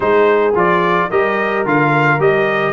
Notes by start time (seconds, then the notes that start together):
0.00 G#3 D#4 G#4 C5
0.55 F3 F4 D5
1.10 G3 G4 A#4 D#5
1.65 D3 F4 F5
2.19 G3 G4 D#5